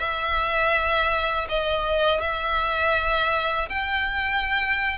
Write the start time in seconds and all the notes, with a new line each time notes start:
0.00 E5
1.49 D#5
2.21 E5
3.70 G5